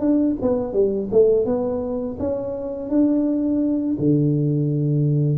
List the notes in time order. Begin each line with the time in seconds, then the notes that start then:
0.00 D4
0.42 B3
0.73 G3
1.12 A3
1.46 B3
2.19 C#4
2.89 D4
3.99 D3